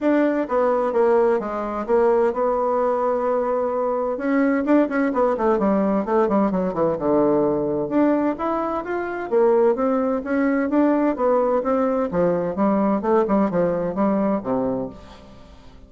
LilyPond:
\new Staff \with { instrumentName = "bassoon" } { \time 4/4 \tempo 4 = 129 d'4 b4 ais4 gis4 | ais4 b2.~ | b4 cis'4 d'8 cis'8 b8 a8 | g4 a8 g8 fis8 e8 d4~ |
d4 d'4 e'4 f'4 | ais4 c'4 cis'4 d'4 | b4 c'4 f4 g4 | a8 g8 f4 g4 c4 | }